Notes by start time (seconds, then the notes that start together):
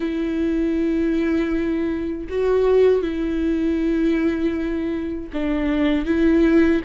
0.00 E4
2.29 F#4
3.02 E4
5.33 D4
6.05 E4